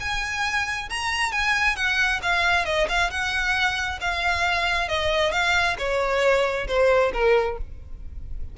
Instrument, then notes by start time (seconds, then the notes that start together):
violin
0.00 G#5
0.89 A#5
1.32 G#5
1.76 F#5
2.22 F5
2.65 D#5
2.89 F5
3.10 F#5
4.01 F5
4.88 D#5
5.32 F5
5.78 C#5
6.67 C5
7.13 A#4